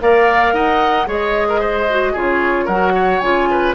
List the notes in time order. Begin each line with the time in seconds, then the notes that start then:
0.00 A#3 A#4 D5 F5
0.53 D#4 D#5 F#5
1.06 G#3 G#4 C#5 D#5
1.49 A#4
1.60 C5
1.90 F#4
2.12 C#3 F4 G#4 C#5
2.65 F#3 F#4 A#4 F#5
2.95 C#5
3.20 C#3 F4 G#5
3.50 B4